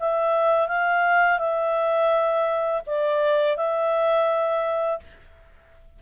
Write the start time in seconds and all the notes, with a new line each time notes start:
0.00 E5
0.68 F5
1.39 E5
2.87 D5
3.57 E5